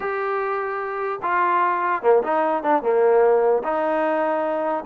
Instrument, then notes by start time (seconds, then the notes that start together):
trombone
0.00 G4
1.22 F4
2.02 A#3
2.23 D#4
2.63 D4
2.82 A#3
3.63 D#4